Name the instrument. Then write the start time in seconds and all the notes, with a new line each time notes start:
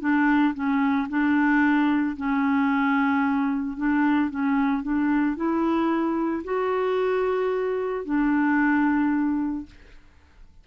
clarinet
0.00 D4
0.54 C#4
1.09 D4
2.16 C#4
3.77 D4
4.30 C#4
4.82 D4
5.36 E4
6.44 F#4
8.05 D4